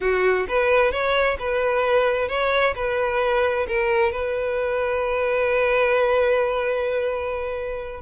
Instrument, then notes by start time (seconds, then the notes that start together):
violin
0.00 F#4
0.48 B4
0.91 C#5
1.39 B4
2.28 C#5
2.75 B4
3.67 A#4
4.11 B4